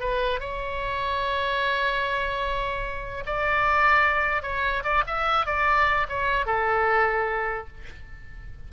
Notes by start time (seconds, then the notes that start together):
0.00 B4
0.40 C#5
3.26 D5
4.42 C#5
4.84 D5
5.07 E5
5.46 D5
6.09 C#5
6.46 A4